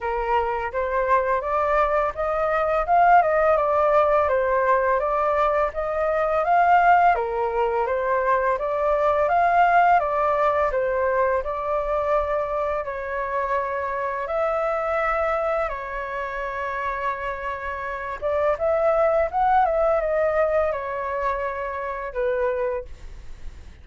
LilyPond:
\new Staff \with { instrumentName = "flute" } { \time 4/4 \tempo 4 = 84 ais'4 c''4 d''4 dis''4 | f''8 dis''8 d''4 c''4 d''4 | dis''4 f''4 ais'4 c''4 | d''4 f''4 d''4 c''4 |
d''2 cis''2 | e''2 cis''2~ | cis''4. d''8 e''4 fis''8 e''8 | dis''4 cis''2 b'4 | }